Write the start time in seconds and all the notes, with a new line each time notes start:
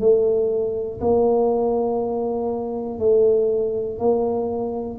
0.00 A3
1.00 A#3
2.99 A3
3.99 A#3